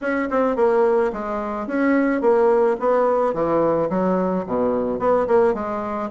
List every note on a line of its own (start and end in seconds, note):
0.01 0.29 C#4
0.30 0.56 C4
0.56 1.11 A#3
1.12 1.67 G#3
1.67 2.21 C#4
2.21 2.76 A#3
2.79 3.33 B3
3.33 3.89 E3
3.89 4.45 F#3
4.46 4.98 B2
4.98 5.26 B3
5.27 5.54 A#3
5.54 6.09 G#3